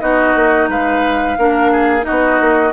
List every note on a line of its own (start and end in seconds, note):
0.00 0.35 B3
0.00 1.37 D#4
0.00 0.70 F#4
0.00 0.68 D#5
0.35 0.68 A#3
0.68 1.36 G#3
0.68 1.38 B4
0.68 2.05 F5
1.37 2.06 A#3
1.37 2.01 D4
1.37 1.72 A#4
1.72 2.06 G#4
2.01 2.69 D#4
2.01 2.72 F#4
2.01 2.72 D#5
2.10 2.40 B3
2.40 2.72 A#3